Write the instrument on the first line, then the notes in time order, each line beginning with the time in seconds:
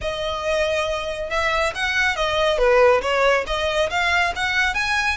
violin
0.01 D#5
1.30 E5
1.74 F#5
2.15 D#5
2.58 B4
3.01 C#5
3.46 D#5
3.90 F5
4.35 F#5
4.74 G#5